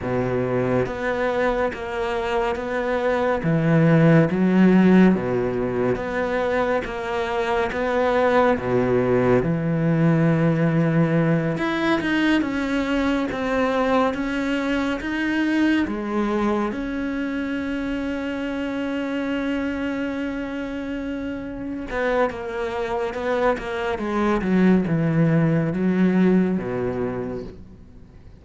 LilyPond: \new Staff \with { instrumentName = "cello" } { \time 4/4 \tempo 4 = 70 b,4 b4 ais4 b4 | e4 fis4 b,4 b4 | ais4 b4 b,4 e4~ | e4. e'8 dis'8 cis'4 c'8~ |
c'8 cis'4 dis'4 gis4 cis'8~ | cis'1~ | cis'4. b8 ais4 b8 ais8 | gis8 fis8 e4 fis4 b,4 | }